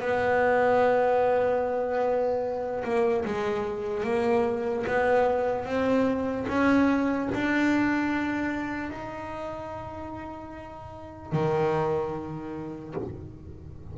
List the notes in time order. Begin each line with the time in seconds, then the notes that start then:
0.00 B3
2.84 A#3
3.25 G#3
4.04 A#3
4.87 B3
5.66 C4
6.49 C#4
7.34 D4
8.91 D#4
11.33 D#3